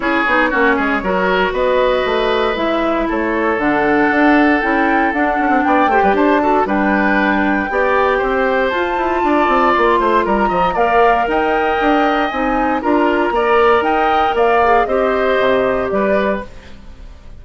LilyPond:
<<
  \new Staff \with { instrumentName = "flute" } { \time 4/4 \tempo 4 = 117 cis''2. dis''4~ | dis''4 e''4 cis''4 fis''4~ | fis''4 g''4 fis''4 g''4 | a''4 g''2.~ |
g''4 a''2 c'''4 | ais''4 f''4 g''2 | gis''4 ais''2 g''4 | f''4 dis''2 d''4 | }
  \new Staff \with { instrumentName = "oboe" } { \time 4/4 gis'4 fis'8 gis'8 ais'4 b'4~ | b'2 a'2~ | a'2. d''8 c''16 b'16 | c''8 a'8 b'2 d''4 |
c''2 d''4. c''8 | ais'8 dis''8 d''4 dis''2~ | dis''4 ais'4 d''4 dis''4 | d''4 c''2 b'4 | }
  \new Staff \with { instrumentName = "clarinet" } { \time 4/4 e'8 dis'8 cis'4 fis'2~ | fis'4 e'2 d'4~ | d'4 e'4 d'4. g'8~ | g'8 fis'8 d'2 g'4~ |
g'4 f'2.~ | f'4 ais'2. | dis'4 f'4 ais'2~ | ais'8 gis'8 g'2. | }
  \new Staff \with { instrumentName = "bassoon" } { \time 4/4 cis'8 b8 ais8 gis8 fis4 b4 | a4 gis4 a4 d4 | d'4 cis'4 d'8 cis'16 c'16 b8 a16 g16 | d'4 g2 b4 |
c'4 f'8 e'8 d'8 c'8 ais8 a8 | g8 f8 ais4 dis'4 d'4 | c'4 d'4 ais4 dis'4 | ais4 c'4 c4 g4 | }
>>